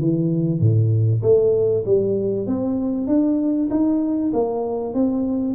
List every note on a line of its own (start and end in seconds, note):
0.00 0.60 E3
0.60 1.22 A2
1.23 1.84 A3
1.86 2.47 G3
2.47 3.07 C4
3.07 3.69 D4
3.70 4.32 D#4
4.33 4.94 A#3
4.94 5.54 C4